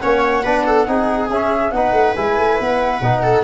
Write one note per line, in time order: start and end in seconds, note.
0.00 0.46 A#3
0.00 0.44 C#4
0.00 0.43 C#5
0.00 1.29 F#5
0.43 0.87 B3
0.43 0.87 D4
0.43 0.65 B4
0.66 0.87 A4
0.87 1.30 C4
0.87 1.30 D#4
0.87 1.72 G#4
1.30 1.72 C#4
1.30 1.74 C#4
1.30 1.71 E5
1.71 1.92 B3
1.71 2.16 D#4
1.71 3.23 B4
1.71 2.14 F#5
1.92 2.14 A3
2.16 2.38 G#3
2.16 3.02 E4
2.16 2.59 G#5
2.38 2.59 A3
2.60 3.00 B3
2.60 3.44 F#5
3.00 3.43 B2
3.00 3.44 D#4
3.23 3.44 A4